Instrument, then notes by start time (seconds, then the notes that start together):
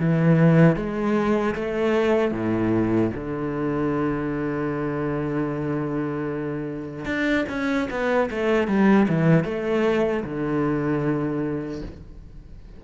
cello
0.00 E3
0.76 G#3
1.55 A3
2.32 A2
3.15 D3
7.06 D4
7.49 C#4
7.91 B3
8.31 A3
8.68 G3
9.09 E3
9.45 A3
10.25 D3